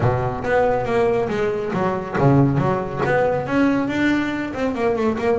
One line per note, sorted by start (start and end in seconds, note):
0.00 0.43 B2
0.43 0.85 B3
0.85 1.28 A#3
1.28 1.71 G#3
1.73 2.16 F#3
2.18 2.57 C#3
2.57 3.01 F#3
3.05 3.46 B3
3.46 3.88 C#4
3.88 4.52 D4
4.53 4.75 C4
4.75 4.95 A#3
4.95 5.17 A3
5.18 5.38 A#3